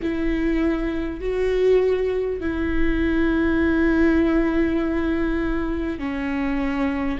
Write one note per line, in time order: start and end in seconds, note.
0.02 1.20 E4
1.20 2.40 F#4
2.40 5.98 E4
5.98 7.18 C#4